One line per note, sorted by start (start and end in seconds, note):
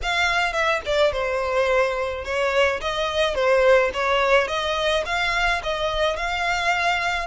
0.02 0.52 F5
0.52 0.80 E5
0.85 1.12 D5
1.12 2.24 C5
2.24 2.80 C#5
2.80 3.34 D#5
3.34 3.90 C5
3.93 4.47 C#5
4.47 5.03 D#5
5.05 5.61 F5
5.63 6.16 D#5
6.16 7.27 F5